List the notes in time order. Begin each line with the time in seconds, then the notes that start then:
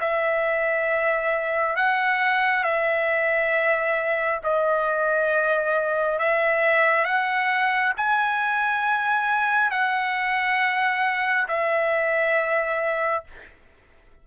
0.00 E5
1.76 F#5
2.63 E5
4.44 D#5
6.18 E5
7.04 F#5
7.97 G#5
9.71 F#5
11.47 E5